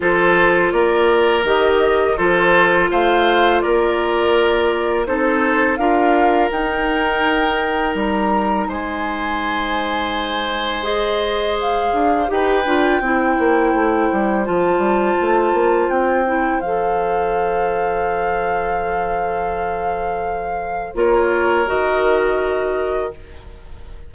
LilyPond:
<<
  \new Staff \with { instrumentName = "flute" } { \time 4/4 \tempo 4 = 83 c''4 d''4 dis''4 c''4 | f''4 d''2 c''4 | f''4 g''2 ais''4 | gis''2. dis''4 |
f''4 g''2. | a''2 g''4 f''4~ | f''1~ | f''4 cis''4 dis''2 | }
  \new Staff \with { instrumentName = "oboe" } { \time 4/4 a'4 ais'2 a'4 | c''4 ais'2 a'4 | ais'1 | c''1~ |
c''4 b'4 c''2~ | c''1~ | c''1~ | c''4 ais'2. | }
  \new Staff \with { instrumentName = "clarinet" } { \time 4/4 f'2 g'4 f'4~ | f'2. dis'4 | f'4 dis'2.~ | dis'2. gis'4~ |
gis'4 g'8 f'8 e'2 | f'2~ f'8 e'8 a'4~ | a'1~ | a'4 f'4 fis'2 | }
  \new Staff \with { instrumentName = "bassoon" } { \time 4/4 f4 ais4 dis4 f4 | a4 ais2 c'4 | d'4 dis'2 g4 | gis1~ |
gis8 d'8 dis'8 d'8 c'8 ais8 a8 g8 | f8 g8 a8 ais8 c'4 f4~ | f1~ | f4 ais4 dis2 | }
>>